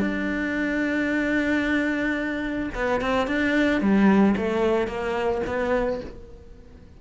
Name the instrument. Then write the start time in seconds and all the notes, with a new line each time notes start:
cello
0.00 D4
2.75 B3
3.01 C4
3.28 D4
3.81 G3
4.37 A3
4.88 A#3
5.47 B3